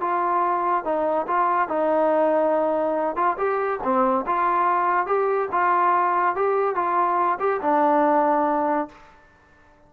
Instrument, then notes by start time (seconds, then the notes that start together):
trombone
0.00 F4
0.84 D#4
1.27 F4
1.68 D#4
3.16 F4
3.37 G4
3.83 C4
4.26 F4
5.06 G4
5.51 F4
6.36 G4
6.75 F4
7.39 G4
7.61 D4